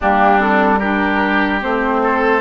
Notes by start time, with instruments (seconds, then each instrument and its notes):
0.00 bassoon G3, clarinet A#3, oboe D4, flute G4
0.38 clarinet C4, flute A4
0.78 clarinet D4, oboe G4, flute A#4
1.61 bassoon A3, clarinet C4, flute C5
2.03 oboe A4